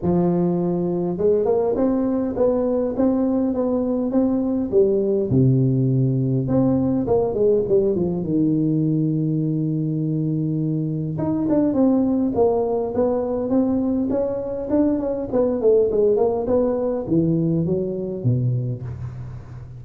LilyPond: \new Staff \with { instrumentName = "tuba" } { \time 4/4 \tempo 4 = 102 f2 gis8 ais8 c'4 | b4 c'4 b4 c'4 | g4 c2 c'4 | ais8 gis8 g8 f8 dis2~ |
dis2. dis'8 d'8 | c'4 ais4 b4 c'4 | cis'4 d'8 cis'8 b8 a8 gis8 ais8 | b4 e4 fis4 b,4 | }